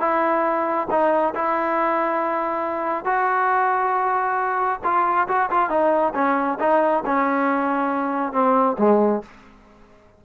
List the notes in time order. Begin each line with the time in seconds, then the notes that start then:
0.00 E4
0.90 D#4
1.35 E4
3.05 F#4
4.84 F4
5.28 F#4
5.50 F4
5.69 D#4
6.14 C#4
6.60 D#4
7.06 C#4
8.32 C4
8.78 G#3